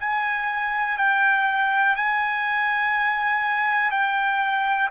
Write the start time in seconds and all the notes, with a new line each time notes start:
0.00 G#5
0.98 G5
1.96 G#5
3.91 G5